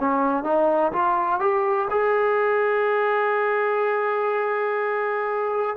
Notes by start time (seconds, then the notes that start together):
0.00 C#4
0.44 D#4
0.92 F4
1.40 G4
1.90 G#4